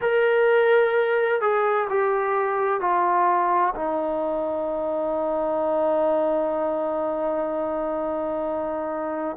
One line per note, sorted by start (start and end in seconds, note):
0.01 1.41 A#4
1.41 1.87 G#4
1.89 2.80 G4
2.80 3.74 F4
3.75 9.37 D#4